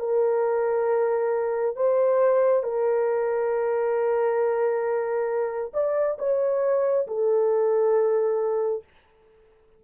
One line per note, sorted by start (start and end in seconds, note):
0.00 1.76 A#4
1.76 2.64 C5
2.64 5.72 A#4
5.74 6.18 D5
6.19 7.07 C#5
7.07 8.84 A4